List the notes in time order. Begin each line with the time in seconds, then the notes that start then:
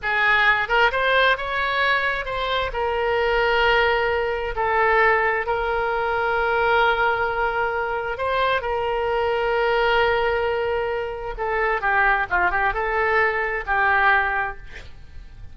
0.02 G#4
0.68 A#4
0.91 C5
1.37 C#5
2.25 C5
2.73 A#4
4.55 A4
5.46 A#4
8.17 C5
8.61 A#4
11.37 A4
11.81 G4
12.30 F4
12.50 G4
12.73 A4
13.66 G4